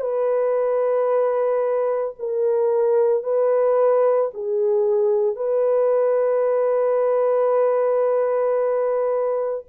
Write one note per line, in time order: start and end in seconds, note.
0.00 2.14 B4
2.19 3.23 A#4
3.23 4.30 B4
4.33 5.36 G#4
5.36 9.64 B4